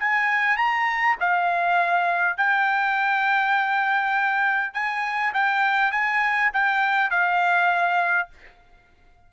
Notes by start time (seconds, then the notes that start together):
0.00 G#5
0.57 A#5
1.20 F5
2.38 G5
4.74 G#5
5.34 G5
5.92 G#5
6.53 G5
7.11 F5